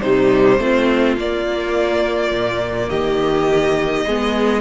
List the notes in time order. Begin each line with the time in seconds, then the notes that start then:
0.00 C3 G3 D#4 C5
0.59 A3 C4 F4
1.16 A#3 D5
2.31 A#2
2.89 D#3 G4 D#5
4.06 G#3 B3 G#4